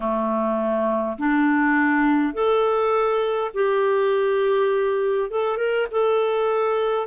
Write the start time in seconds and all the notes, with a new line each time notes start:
0.00 A3
1.18 D4
2.33 A4
3.53 G4
5.30 A4
5.57 A#4
5.91 A4